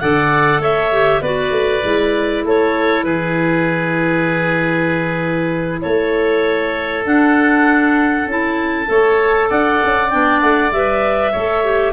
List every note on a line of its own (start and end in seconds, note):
0.00 0.59 D3
0.00 0.92 A4
0.00 0.61 D5
0.00 0.61 F#5
0.59 1.20 A3
0.59 1.22 C#5
0.59 1.23 E5
0.92 1.23 G4
1.21 1.51 B3
1.21 1.83 F#4
1.21 2.44 B4
1.21 2.45 D5
1.51 1.82 A3
1.83 2.44 G#3
1.83 7.03 E4
2.44 3.04 A3
2.44 3.06 A4
2.44 3.04 C#5
3.04 5.80 E3
3.04 5.81 G#4
3.04 5.79 B4
5.82 7.05 A3
5.82 8.89 A4
5.82 7.04 C#5
7.05 8.27 D4
7.05 8.29 F#5
8.27 8.88 C#4
8.27 8.86 E4
8.27 9.51 A5
8.86 9.50 A3
8.86 10.09 A4
8.86 9.50 C#5
9.50 9.82 D4
9.50 11.32 D5
9.50 10.10 F#5
9.84 10.14 C#4
10.10 10.42 B3
10.10 10.72 D4
10.10 10.41 G5
10.41 10.72 A3
10.41 10.72 F#5
10.72 11.34 G3
10.72 11.34 B4
10.72 11.93 E5
11.32 11.93 A3
11.32 11.64 A4
11.32 11.93 C#5
11.64 11.93 G4